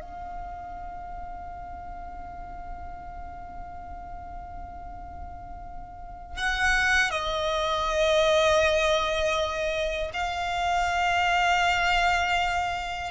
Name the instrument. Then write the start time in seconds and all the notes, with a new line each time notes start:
violin
0.00 F5
6.36 F#5
7.10 D#5
10.13 F5